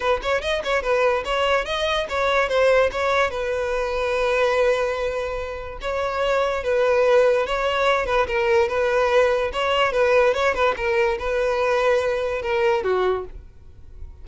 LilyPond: \new Staff \with { instrumentName = "violin" } { \time 4/4 \tempo 4 = 145 b'8 cis''8 dis''8 cis''8 b'4 cis''4 | dis''4 cis''4 c''4 cis''4 | b'1~ | b'2 cis''2 |
b'2 cis''4. b'8 | ais'4 b'2 cis''4 | b'4 cis''8 b'8 ais'4 b'4~ | b'2 ais'4 fis'4 | }